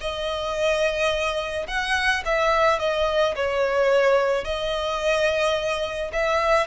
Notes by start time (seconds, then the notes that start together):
0.00 D#5
1.67 F#5
2.25 E5
2.79 D#5
3.35 C#5
4.44 D#5
6.13 E5